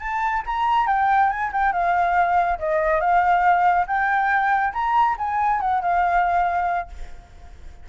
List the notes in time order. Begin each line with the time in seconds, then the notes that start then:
0.00 A5
0.46 A#5
0.87 G5
1.30 G#5
1.53 G5
1.73 F5
2.59 D#5
3.01 F5
3.87 G5
4.73 A#5
5.18 G#5
5.61 F#5
5.82 F5